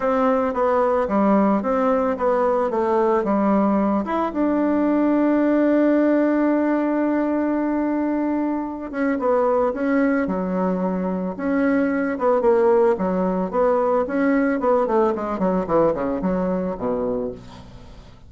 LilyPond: \new Staff \with { instrumentName = "bassoon" } { \time 4/4 \tempo 4 = 111 c'4 b4 g4 c'4 | b4 a4 g4. e'8 | d'1~ | d'1~ |
d'8 cis'8 b4 cis'4 fis4~ | fis4 cis'4. b8 ais4 | fis4 b4 cis'4 b8 a8 | gis8 fis8 e8 cis8 fis4 b,4 | }